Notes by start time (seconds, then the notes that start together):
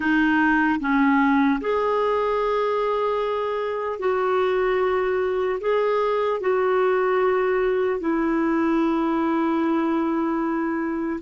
0.00 D#4
0.80 C#4
1.60 G#4
3.99 F#4
5.60 G#4
6.40 F#4
8.00 E4